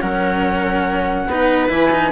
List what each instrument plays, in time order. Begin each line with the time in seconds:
0.00 bassoon F#3, cello C#4, viola A#4, flute F#5
1.27 bassoon B3, cello D#4, viola B4
1.69 bassoon E3, cello E4, flute G#5
1.91 cello D#4